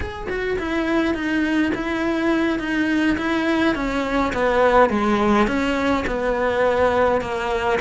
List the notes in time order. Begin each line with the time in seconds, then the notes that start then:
0.00 G#4
0.29 F#4
0.58 E4
1.14 D#4
1.74 E4
2.59 D#4
3.17 E4
3.75 C#4
4.33 B3
4.89 G#3
5.47 C#4
6.06 B3
7.21 A#3